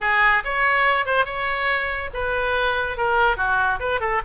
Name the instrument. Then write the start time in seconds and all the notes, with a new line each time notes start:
oboe
0.00 G#4
0.44 C#5
1.05 C5
1.25 C#5
2.13 B4
2.97 A#4
3.36 F#4
3.79 B4
4.00 A4